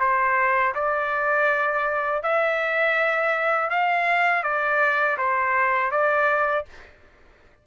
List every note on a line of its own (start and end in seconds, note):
0.00 0.74 C5
0.75 2.23 D5
2.23 3.70 E5
3.70 4.43 F5
4.43 5.18 D5
5.18 5.92 C5
5.92 6.66 D5